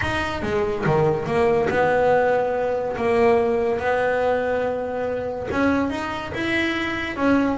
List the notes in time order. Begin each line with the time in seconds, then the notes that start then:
0.01 D#4
0.42 G#3
0.85 D#3
1.26 A#3
1.69 B3
2.96 A#3
3.79 B3
5.51 C#4
5.90 D#4
6.33 E4
7.16 C#4